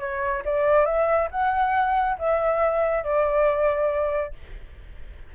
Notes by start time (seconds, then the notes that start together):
0.00 C#5
0.46 D5
0.86 E5
1.32 F#5
2.19 E5
3.04 D5